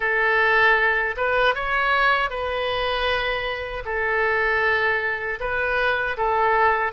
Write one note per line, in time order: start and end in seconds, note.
0.00 1.15 A4
1.16 1.55 B4
1.55 2.29 C#5
2.29 3.83 B4
3.85 5.39 A4
5.40 6.16 B4
6.17 6.92 A4